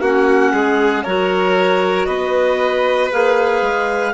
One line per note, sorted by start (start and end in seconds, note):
0.00 0.52 A#3
0.00 1.06 C#4
0.00 0.52 F#4
0.00 1.03 F#5
0.53 1.04 G#3
0.53 1.03 G#4
1.03 2.08 F#3
1.03 3.11 F#4
1.03 2.06 A#4
1.03 2.06 C#5
2.06 3.11 B3
2.06 4.13 B4
2.06 3.09 D#5
3.11 3.61 A#3
3.11 4.13 G#4
3.11 4.13 F5
3.61 4.13 G#3